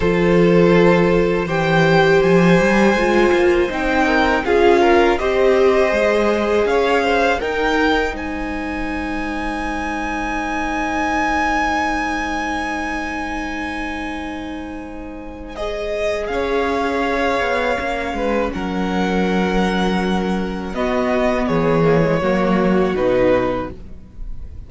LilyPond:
<<
  \new Staff \with { instrumentName = "violin" } { \time 4/4 \tempo 4 = 81 c''2 g''4 gis''4~ | gis''4 g''4 f''4 dis''4~ | dis''4 f''4 g''4 gis''4~ | gis''1~ |
gis''1~ | gis''4 dis''4 f''2~ | f''4 fis''2. | dis''4 cis''2 b'4 | }
  \new Staff \with { instrumentName = "violin" } { \time 4/4 a'2 c''2~ | c''4. ais'8 gis'8 ais'8 c''4~ | c''4 cis''8 c''8 ais'4 c''4~ | c''1~ |
c''1~ | c''2 cis''2~ | cis''8 b'8 ais'2. | fis'4 gis'4 fis'2 | }
  \new Staff \with { instrumentName = "viola" } { \time 4/4 f'2 g'2 | f'4 dis'4 f'4 g'4 | gis'2 dis'2~ | dis'1~ |
dis'1~ | dis'4 gis'2. | cis'1 | b4. ais16 gis16 ais4 dis'4 | }
  \new Staff \with { instrumentName = "cello" } { \time 4/4 f2 e4 f8 g8 | gis8 ais8 c'4 cis'4 c'4 | gis4 cis'4 dis'4 gis4~ | gis1~ |
gis1~ | gis2 cis'4. b8 | ais8 gis8 fis2. | b4 e4 fis4 b,4 | }
>>